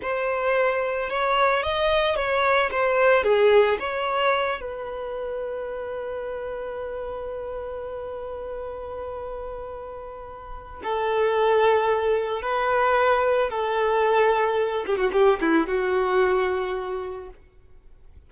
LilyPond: \new Staff \with { instrumentName = "violin" } { \time 4/4 \tempo 4 = 111 c''2 cis''4 dis''4 | cis''4 c''4 gis'4 cis''4~ | cis''8 b'2.~ b'8~ | b'1~ |
b'1 | a'2. b'4~ | b'4 a'2~ a'8 g'16 fis'16 | g'8 e'8 fis'2. | }